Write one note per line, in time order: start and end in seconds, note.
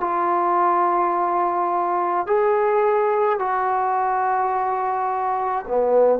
0.00 2.26 F4
2.26 3.39 G#4
3.39 5.66 F#4
5.68 6.20 B3